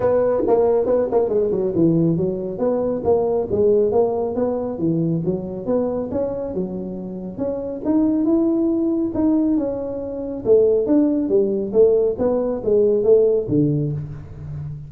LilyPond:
\new Staff \with { instrumentName = "tuba" } { \time 4/4 \tempo 4 = 138 b4 ais4 b8 ais8 gis8 fis8 | e4 fis4 b4 ais4 | gis4 ais4 b4 e4 | fis4 b4 cis'4 fis4~ |
fis4 cis'4 dis'4 e'4~ | e'4 dis'4 cis'2 | a4 d'4 g4 a4 | b4 gis4 a4 d4 | }